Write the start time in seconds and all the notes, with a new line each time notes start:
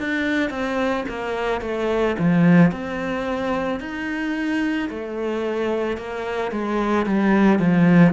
0.00 D4
0.51 C4
1.09 A#3
1.62 A3
2.19 F3
2.72 C4
3.80 D#4
4.90 A3
5.98 A#3
6.52 G#3
7.06 G3
7.59 F3